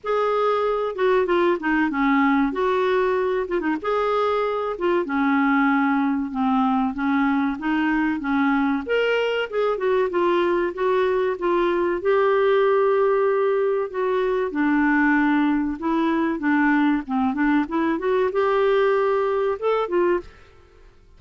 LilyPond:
\new Staff \with { instrumentName = "clarinet" } { \time 4/4 \tempo 4 = 95 gis'4. fis'8 f'8 dis'8 cis'4 | fis'4. f'16 dis'16 gis'4. f'8 | cis'2 c'4 cis'4 | dis'4 cis'4 ais'4 gis'8 fis'8 |
f'4 fis'4 f'4 g'4~ | g'2 fis'4 d'4~ | d'4 e'4 d'4 c'8 d'8 | e'8 fis'8 g'2 a'8 f'8 | }